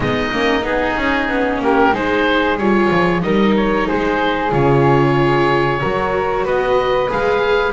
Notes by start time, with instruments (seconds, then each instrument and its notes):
0.00 double bass G#3, viola B3, flute D#4, oboe D#5
0.31 double bass A#3, viola C#4
0.61 double bass B3, viola D#4, oboe G#4
0.96 double bass C#4
1.28 double bass B3, viola C#4
1.59 double bass A#3, flute G4, oboe A#4
1.92 double bass G#3, viola D#4, flute G#4, oboe C5
2.56 double bass G3, viola F4, oboe C#5
2.91 double bass F3
3.21 double bass G3, viola D#4, flute A#4, oboe D#5
3.56 oboe C#5
3.87 double bass G#3, flute G#4, oboe C5
4.50 double bass C#3, viola F4, oboe C#5
5.80 double bass F#3, viola F#4, flute A#4
6.44 double bass B3, flute B4, oboe D#5
7.08 double bass G#3, viola G#4, oboe F5